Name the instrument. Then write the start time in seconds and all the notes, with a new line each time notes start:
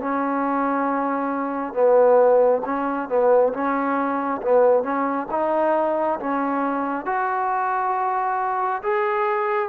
trombone
0.00 C#4
1.74 B3
2.65 C#4
3.08 B3
3.53 C#4
4.42 B3
4.83 C#4
5.31 D#4
6.20 C#4
7.05 F#4
8.83 G#4